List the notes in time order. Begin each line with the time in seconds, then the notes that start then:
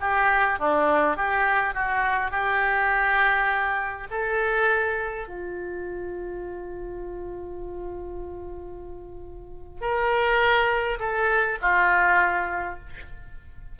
0.00 G4
0.59 D4
1.17 G4
1.74 F#4
2.31 G4
4.10 A4
5.28 F4
9.81 A#4
10.99 A4
11.62 F4